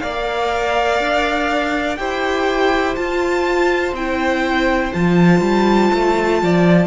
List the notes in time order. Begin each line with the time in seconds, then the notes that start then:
0.00 A#3 A#4 D5 F5
1.00 D4
1.97 E4 G4 C5 G5
2.96 F4 A5
3.93 C4 E4 G5
4.94 F3 F4 A5
5.41 G3
5.94 A3
6.43 F3 D5